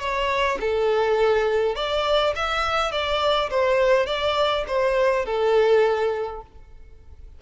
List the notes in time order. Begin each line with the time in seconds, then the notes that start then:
0.00 C#5
0.60 A4
1.76 D5
2.35 E5
2.92 D5
3.50 C5
4.06 D5
4.67 C5
5.25 A4